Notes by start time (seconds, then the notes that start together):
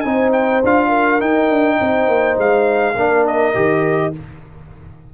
0.00 C4 D#4 G#5
0.06 C5
0.32 G5
0.63 D4 F4 F5
0.88 A#4
1.19 D#4 G5
1.49 D4
1.80 C4 C5
2.07 A#3
2.37 G#3 F5
2.95 A#3 D4 A#4
3.26 D#5
3.54 D#3 G4